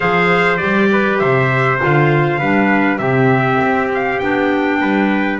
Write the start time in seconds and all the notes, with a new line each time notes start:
0.00 F3 G#4 C5 F5
0.57 G3 G4 D5
0.91 B4
1.18 C3 C5 E5
1.79 D3 F4 F5
2.39 G3 D4 B4
2.98 C3 C4 G4 E5
3.61 C4
3.94 F5
4.19 B3 D4 G5
4.80 G3 B4